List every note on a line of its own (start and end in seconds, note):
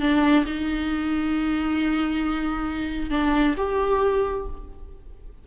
0.00 0.44 D4
0.45 3.10 D#4
3.10 3.55 D4
3.57 4.46 G4